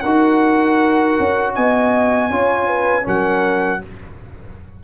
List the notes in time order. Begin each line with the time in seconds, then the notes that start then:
0.00 D#4 F#4 A#4 F#5
1.19 C#4
1.55 B3 D#5 G#5
2.30 C#4 F4 C#5
2.67 B4
3.03 F#3 C#4 A#4 F#5